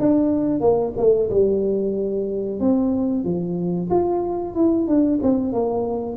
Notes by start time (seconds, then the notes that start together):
0.00 D4
0.61 A#3
0.98 A3
1.31 G3
2.60 C4
3.25 F3
3.91 F4
4.55 E4
4.88 D4
5.23 C4
5.53 A#3